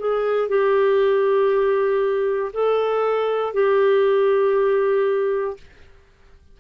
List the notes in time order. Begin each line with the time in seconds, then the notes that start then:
0.00 G#4
0.49 G4
2.53 A4
3.54 G4